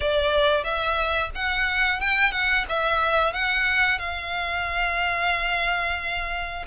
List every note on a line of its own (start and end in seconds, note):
0.00 0.63 D5
0.63 1.30 E5
1.35 2.00 F#5
2.00 2.32 G5
2.32 2.65 F#5
2.68 3.33 E5
3.33 3.98 F#5
3.98 6.65 F5